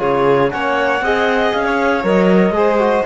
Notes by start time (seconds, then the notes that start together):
0.00 C#3 F4 G#4 C#5
0.50 A#3 C#4 C#5 F#5
1.01 C4 G#4 D#5
1.53 C#4 F5
1.65 C#5
2.04 F#3 A#4 D#5
2.51 G#3 G#4
2.57 C5
2.80 F#4